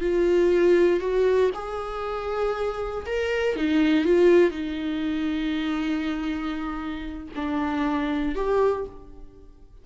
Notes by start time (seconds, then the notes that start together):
0.00 F4
1.00 F#4
1.54 G#4
3.06 A#4
3.56 D#4
4.05 F4
4.51 D#4
7.35 D4
8.35 G4